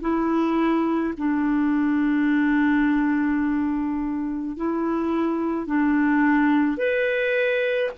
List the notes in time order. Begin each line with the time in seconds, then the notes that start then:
0.00 E4
1.17 D4
4.56 E4
5.66 D4
6.77 B4